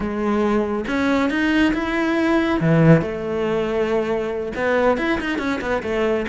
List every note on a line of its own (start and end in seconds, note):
0.00 0.85 G#3
0.87 1.30 C#4
1.30 1.73 D#4
1.73 2.60 E4
2.60 3.01 E3
3.01 4.52 A3
4.55 4.97 B3
4.97 5.19 E4
5.20 5.38 D#4
5.38 5.60 C#4
5.61 5.82 B3
5.82 6.26 A3